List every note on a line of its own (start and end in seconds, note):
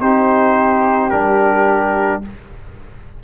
0.00 1.11 C4
0.00 1.11 D#4
0.00 2.23 G4
0.00 1.10 C5
1.10 2.23 G3
1.10 2.22 D4
1.10 2.21 A#4